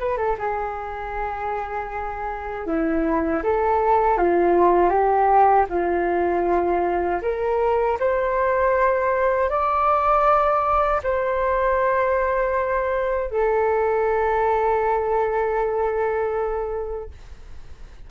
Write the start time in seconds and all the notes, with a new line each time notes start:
0.00 B4
0.17 A4
0.39 G#4
2.67 E4
3.43 A4
4.18 F4
4.90 G4
5.69 F4
7.22 A#4
8.00 C5
9.49 D5
11.03 C5
13.31 A4